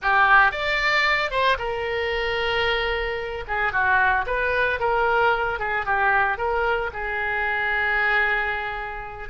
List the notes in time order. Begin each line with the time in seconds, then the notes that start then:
0.02 G4
0.51 D5
1.30 C5
1.58 A#4
3.47 G#4
3.72 F#4
4.26 B4
4.79 A#4
5.59 G#4
5.86 G4
6.37 A#4
6.93 G#4